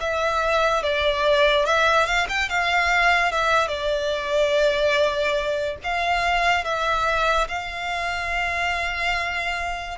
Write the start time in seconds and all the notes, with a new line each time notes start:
0.00 E5
0.83 D5
1.66 E5
2.06 F5
2.29 G5
2.49 F5
3.32 E5
3.68 D5
5.83 F5
6.64 E5
7.48 F5